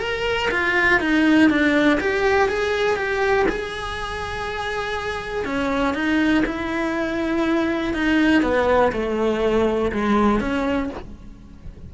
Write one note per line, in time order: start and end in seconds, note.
0.00 0.50 A#4
0.51 1.01 F4
1.01 1.50 D#4
1.50 2.00 D4
2.01 2.49 G4
2.49 2.97 G#4
2.97 3.47 G4
3.50 5.45 G#4
5.45 5.95 C#4
5.95 6.44 D#4
6.46 7.94 E4
7.94 8.43 D#4
8.43 8.93 B3
8.93 9.92 A3
9.92 10.41 G#3
10.41 10.90 C#4